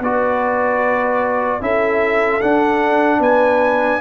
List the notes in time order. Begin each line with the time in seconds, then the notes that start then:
0.00 B3 F#4 B4 D5
1.61 C#4 E4 A4 E5
2.41 D4 F#5
3.20 B3 B4 G#5